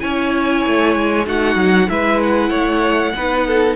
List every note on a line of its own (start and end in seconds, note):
0.00 0.66 C#4
0.00 1.25 E4
0.00 1.27 C#5
0.00 1.25 G#5
0.66 0.96 A3
0.96 1.26 G#3
1.26 1.56 A3
1.26 1.88 D#4
1.26 1.90 F#4
1.26 1.89 F#5
1.56 1.87 F#3
1.88 2.51 G#3
1.88 3.13 E4
1.88 2.50 B4
1.88 2.21 E5
2.23 3.76 F#5
2.50 3.13 A3
2.50 3.12 C#5
3.17 3.76 B3
3.17 3.76 D#4
3.17 3.47 B4
3.47 3.76 A4